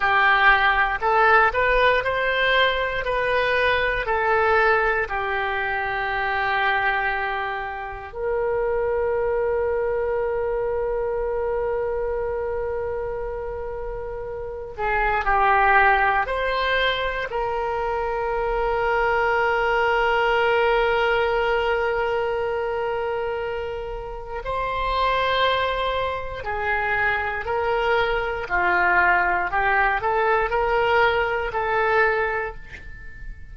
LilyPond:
\new Staff \with { instrumentName = "oboe" } { \time 4/4 \tempo 4 = 59 g'4 a'8 b'8 c''4 b'4 | a'4 g'2. | ais'1~ | ais'2~ ais'8 gis'8 g'4 |
c''4 ais'2.~ | ais'1 | c''2 gis'4 ais'4 | f'4 g'8 a'8 ais'4 a'4 | }